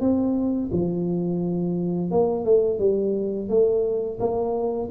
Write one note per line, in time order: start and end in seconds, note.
0.00 0.70 C4
0.72 2.11 F3
2.11 2.45 A#3
2.45 2.79 A3
2.79 3.49 G3
3.49 4.19 A3
4.20 4.90 A#3